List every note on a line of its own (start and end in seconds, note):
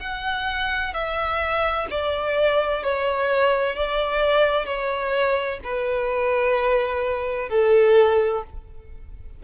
0.00 0.94 F#5
0.94 1.87 E5
1.91 2.83 D5
2.83 3.76 C#5
3.76 4.66 D5
4.66 5.60 C#5
5.64 7.50 B4
7.50 8.43 A4